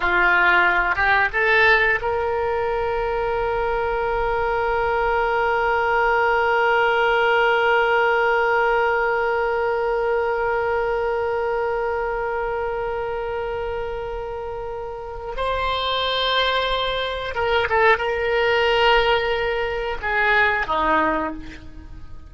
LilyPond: \new Staff \with { instrumentName = "oboe" } { \time 4/4 \tempo 4 = 90 f'4. g'8 a'4 ais'4~ | ais'1~ | ais'1~ | ais'1~ |
ais'1~ | ais'2. c''4~ | c''2 ais'8 a'8 ais'4~ | ais'2 gis'4 dis'4 | }